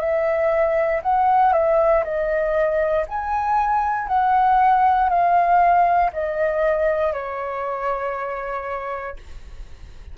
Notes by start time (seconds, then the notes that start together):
0.00 E5
1.03 F#5
1.53 E5
2.04 D#5
3.09 G#5
4.08 F#5
5.10 F5
6.13 D#5
7.13 C#5